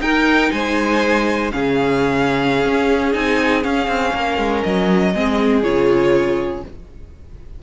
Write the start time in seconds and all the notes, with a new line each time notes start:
0.00 D#4 A#4 G5
0.51 G#3 C5 G#5
1.51 C#3 C#4 G#4 F5
2.65 C#4
3.12 C4 D#4 G#5
3.62 C#4 F5
3.87 C4
4.13 A#3 A#4
4.37 G#3
4.62 F#3 D#5
5.13 G#3 C4 G#4
5.62 C#3 F4 C#5